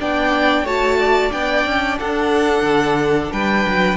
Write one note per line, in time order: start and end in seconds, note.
0.00 0.64 B3
0.00 0.66 D4
0.00 0.64 D5
0.00 0.67 G5
0.64 1.30 A3
0.64 1.31 F#4
0.64 0.98 C#5
0.64 1.32 A5
0.99 1.99 D5
1.31 1.66 B3
1.31 3.97 D4
1.31 1.98 G5
1.66 1.99 C#4
1.99 2.62 D4
1.99 3.32 A4
1.99 3.32 F#5
2.62 3.28 D3
3.32 3.67 G3
3.32 3.97 B4
3.32 3.97 G5
3.67 3.97 F#3